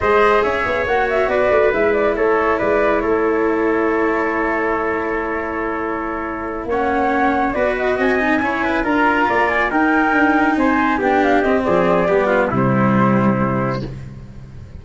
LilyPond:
<<
  \new Staff \with { instrumentName = "flute" } { \time 4/4 \tempo 4 = 139 dis''4 e''4 fis''8 e''8 d''4 | e''8 d''8 cis''4 d''4 cis''4~ | cis''1~ | cis''2.~ cis''8 fis''8~ |
fis''4. d''8 dis''8 gis''4.~ | gis''8 ais''4. gis''8 g''4.~ | g''8 gis''4 g''8 f''8 dis''8 d''4~ | d''4 c''2. | }
  \new Staff \with { instrumentName = "trumpet" } { \time 4/4 c''4 cis''2 b'4~ | b'4 a'4 b'4 a'4~ | a'1~ | a'2.~ a'8 cis''8~ |
cis''4. b'4 dis''4 cis''8 | b'8 ais'4 d''4 ais'4.~ | ais'8 c''4 g'4. gis'4 | g'8 f'8 e'2. | }
  \new Staff \with { instrumentName = "cello" } { \time 4/4 gis'2 fis'2 | e'1~ | e'1~ | e'2.~ e'8 cis'8~ |
cis'4. fis'4. dis'8 e'8~ | e'8 f'2 dis'4.~ | dis'4. d'4 c'4. | b4 g2. | }
  \new Staff \with { instrumentName = "tuba" } { \time 4/4 gis4 cis'8 b8 ais4 b8 a8 | gis4 a4 gis4 a4~ | a1~ | a2.~ a8 ais8~ |
ais4. b4 c'4 cis'8~ | cis'8 d'4 ais4 dis'4 d'8~ | d'8 c'4 b4 c'8 f4 | g4 c2. | }
>>